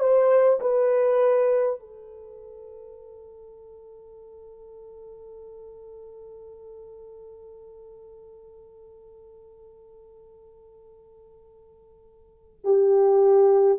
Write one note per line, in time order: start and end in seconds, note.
0.00 0.60 C5
0.61 1.80 B4
1.80 12.60 A4
12.64 13.79 G4